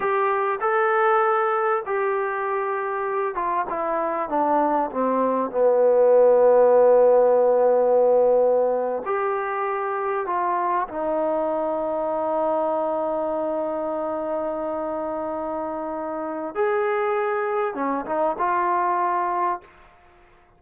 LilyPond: \new Staff \with { instrumentName = "trombone" } { \time 4/4 \tempo 4 = 98 g'4 a'2 g'4~ | g'4. f'8 e'4 d'4 | c'4 b2.~ | b2~ b8. g'4~ g'16~ |
g'8. f'4 dis'2~ dis'16~ | dis'1~ | dis'2. gis'4~ | gis'4 cis'8 dis'8 f'2 | }